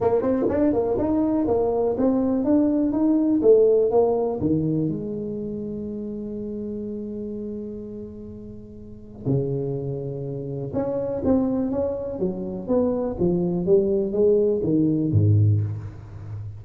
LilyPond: \new Staff \with { instrumentName = "tuba" } { \time 4/4 \tempo 4 = 123 ais8 c'8 d'8 ais8 dis'4 ais4 | c'4 d'4 dis'4 a4 | ais4 dis4 gis2~ | gis1~ |
gis2. cis4~ | cis2 cis'4 c'4 | cis'4 fis4 b4 f4 | g4 gis4 dis4 gis,4 | }